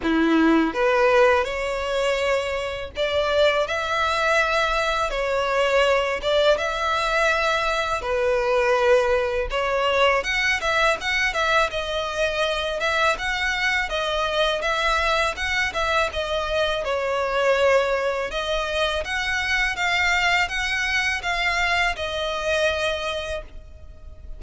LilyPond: \new Staff \with { instrumentName = "violin" } { \time 4/4 \tempo 4 = 82 e'4 b'4 cis''2 | d''4 e''2 cis''4~ | cis''8 d''8 e''2 b'4~ | b'4 cis''4 fis''8 e''8 fis''8 e''8 |
dis''4. e''8 fis''4 dis''4 | e''4 fis''8 e''8 dis''4 cis''4~ | cis''4 dis''4 fis''4 f''4 | fis''4 f''4 dis''2 | }